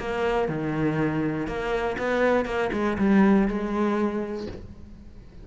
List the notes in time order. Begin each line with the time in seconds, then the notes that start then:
0.00 A#3
0.49 D#3
1.47 A#3
1.99 B3
2.46 A#3
2.73 G#3
2.99 G3
3.48 G#3